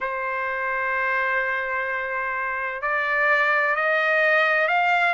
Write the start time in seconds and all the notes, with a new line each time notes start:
0.00 C5
2.81 D5
3.75 D#5
4.68 F5